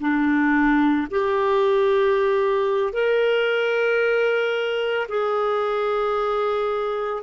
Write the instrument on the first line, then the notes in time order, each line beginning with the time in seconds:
clarinet
0.00 D4
1.11 G4
2.93 A#4
5.08 G#4